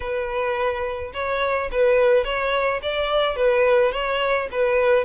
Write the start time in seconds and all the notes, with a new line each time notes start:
0.00 B4
1.13 C#5
1.71 B4
2.24 C#5
2.82 D5
3.35 B4
3.92 C#5
4.51 B4